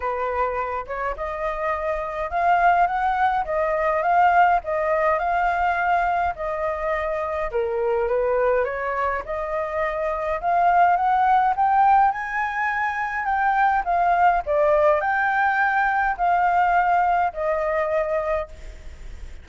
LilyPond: \new Staff \with { instrumentName = "flute" } { \time 4/4 \tempo 4 = 104 b'4. cis''8 dis''2 | f''4 fis''4 dis''4 f''4 | dis''4 f''2 dis''4~ | dis''4 ais'4 b'4 cis''4 |
dis''2 f''4 fis''4 | g''4 gis''2 g''4 | f''4 d''4 g''2 | f''2 dis''2 | }